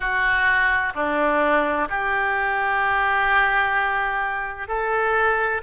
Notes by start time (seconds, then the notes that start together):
0.00 F#4
0.94 D4
1.89 G4
4.67 A4